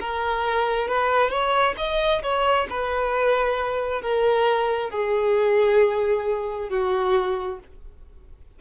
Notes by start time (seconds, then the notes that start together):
0.00 A#4
0.88 B4
1.30 C#5
1.77 D#5
2.22 C#5
2.69 B4
4.02 A#4
4.90 G#4
6.69 F#4